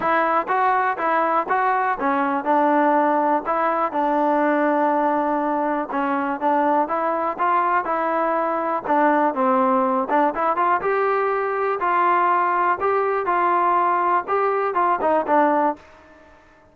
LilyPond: \new Staff \with { instrumentName = "trombone" } { \time 4/4 \tempo 4 = 122 e'4 fis'4 e'4 fis'4 | cis'4 d'2 e'4 | d'1 | cis'4 d'4 e'4 f'4 |
e'2 d'4 c'4~ | c'8 d'8 e'8 f'8 g'2 | f'2 g'4 f'4~ | f'4 g'4 f'8 dis'8 d'4 | }